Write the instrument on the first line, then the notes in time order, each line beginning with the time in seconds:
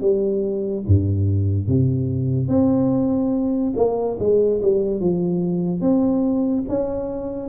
tuba
0.00 G3
0.87 G2
1.67 C3
2.48 C4
3.76 A#3
4.19 G#3
4.62 G3
5.00 F3
5.81 C4
6.68 C#4